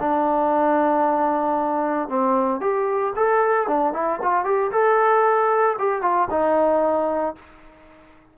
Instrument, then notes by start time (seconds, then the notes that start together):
trombone
0.00 D4
2.09 C4
2.61 G4
3.16 A4
3.67 D4
3.94 E4
4.22 F4
4.45 G4
4.72 A4
5.79 G4
6.02 F4
6.30 D#4